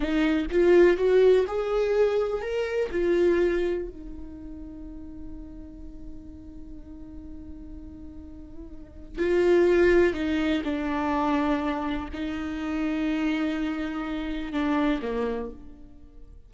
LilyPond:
\new Staff \with { instrumentName = "viola" } { \time 4/4 \tempo 4 = 124 dis'4 f'4 fis'4 gis'4~ | gis'4 ais'4 f'2 | dis'1~ | dis'1~ |
dis'2. f'4~ | f'4 dis'4 d'2~ | d'4 dis'2.~ | dis'2 d'4 ais4 | }